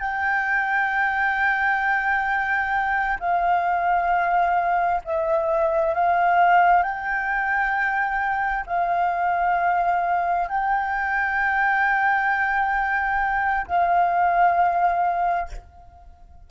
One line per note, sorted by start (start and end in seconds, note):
0.00 3.18 G5
3.20 5.02 F5
5.05 5.94 E5
5.94 6.83 F5
6.83 8.65 G5
8.67 10.48 F5
10.48 13.67 G5
13.67 15.49 F5